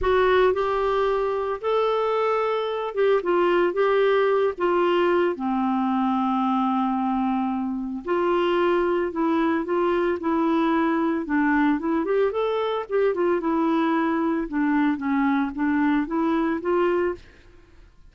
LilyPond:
\new Staff \with { instrumentName = "clarinet" } { \time 4/4 \tempo 4 = 112 fis'4 g'2 a'4~ | a'4. g'8 f'4 g'4~ | g'8 f'4. c'2~ | c'2. f'4~ |
f'4 e'4 f'4 e'4~ | e'4 d'4 e'8 g'8 a'4 | g'8 f'8 e'2 d'4 | cis'4 d'4 e'4 f'4 | }